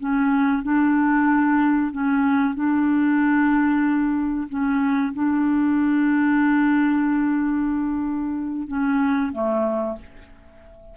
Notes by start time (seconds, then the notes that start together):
0.00 C#4
0.63 D4
1.92 C#4
2.55 D4
4.49 C#4
5.14 D4
8.68 C#4
9.33 A3